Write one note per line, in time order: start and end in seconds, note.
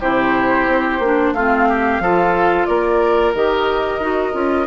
0.00 0.67 C3
0.00 1.01 E4
0.00 1.33 G4
0.00 1.33 C5
0.67 0.99 C4
0.99 1.32 A#3
0.99 1.36 D4
1.32 1.99 A3
1.32 2.02 C4
1.32 1.68 F4
1.32 2.65 F5
1.69 2.02 G4
1.99 2.66 F3
1.99 3.35 F4
1.99 2.67 A4
2.65 3.34 A#3
2.65 4.67 A#4
2.65 3.32 D5
3.34 3.99 D#3
3.34 4.01 G4
3.34 4.67 D#5
3.99 4.32 D#4
3.99 4.32 F#4
4.32 4.67 C#4
4.32 4.66 F4